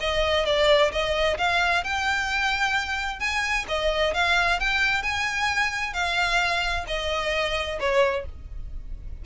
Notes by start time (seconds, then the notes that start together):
0.00 D#5
0.46 D5
0.92 D#5
1.38 F5
1.84 G5
3.20 G#5
3.68 D#5
4.14 F5
4.60 G5
5.03 G#5
5.93 F5
6.88 D#5
7.80 C#5